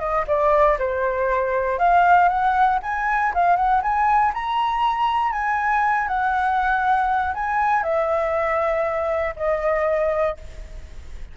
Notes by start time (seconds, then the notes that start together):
0.00 D#5
0.28 D5
0.79 C5
1.79 F5
2.29 F#5
2.83 G#5
3.35 F5
3.57 F#5
3.83 G#5
4.34 A#5
5.33 G#5
6.08 F#5
7.35 G#5
7.84 E5
9.37 D#5